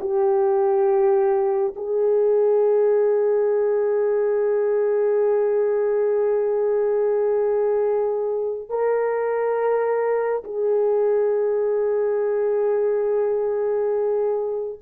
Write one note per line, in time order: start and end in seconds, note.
0.00 1.74 G4
1.76 8.70 G#4
8.70 10.43 A#4
10.44 14.79 G#4